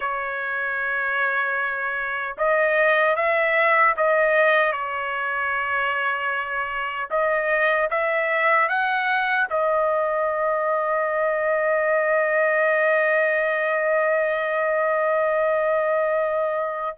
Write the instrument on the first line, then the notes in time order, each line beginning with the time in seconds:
trumpet
0.00 C#5
2.37 D#5
3.16 E5
3.97 D#5
4.72 C#5
7.10 D#5
7.90 E5
8.68 F#5
9.49 D#5